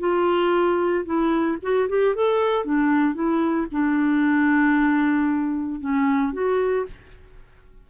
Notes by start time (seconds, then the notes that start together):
0.00 F4
1.06 E4
1.63 F#4
1.89 G4
2.16 A4
2.65 D4
3.15 E4
3.72 D4
5.81 C#4
6.33 F#4